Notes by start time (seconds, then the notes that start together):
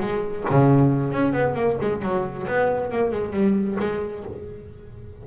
0.00 G#3
0.50 C#3
1.12 C#4
1.33 B3
1.55 A#3
1.81 G#3
2.02 F#3
2.47 B3
2.92 A#3
3.12 G#3
3.33 G3
3.80 G#3